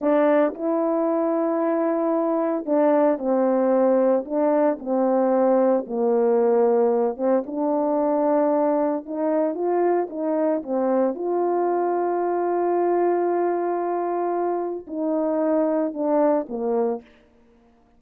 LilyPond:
\new Staff \with { instrumentName = "horn" } { \time 4/4 \tempo 4 = 113 d'4 e'2.~ | e'4 d'4 c'2 | d'4 c'2 ais4~ | ais4. c'8 d'2~ |
d'4 dis'4 f'4 dis'4 | c'4 f'2.~ | f'1 | dis'2 d'4 ais4 | }